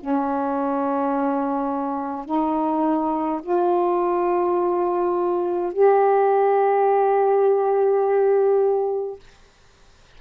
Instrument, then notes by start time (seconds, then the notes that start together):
saxophone
0.00 C#4
2.26 D#4
3.43 F4
5.73 G4